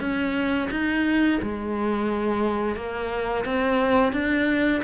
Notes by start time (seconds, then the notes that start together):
0.00 C#4
0.70 D#4
1.42 G#3
2.76 A#3
3.45 C4
4.13 D4